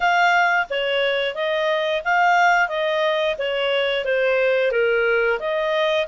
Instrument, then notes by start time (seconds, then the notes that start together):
clarinet
0.00 F5
0.70 C#5
1.35 D#5
2.04 F5
2.68 D#5
3.38 C#5
4.04 C5
4.71 A#4
5.39 D#5